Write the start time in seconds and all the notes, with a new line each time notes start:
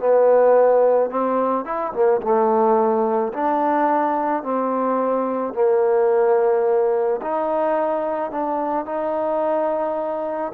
0.00 B3
1.11 C4
1.66 E4
1.94 A#3
2.22 A3
3.33 D4
4.43 C4
5.55 A#3
7.22 D#4
8.31 D4
8.86 D#4